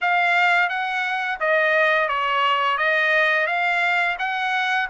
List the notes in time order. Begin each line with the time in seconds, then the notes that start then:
0.01 F5
0.68 F#5
1.40 D#5
2.08 C#5
2.77 D#5
3.46 F5
4.19 F#5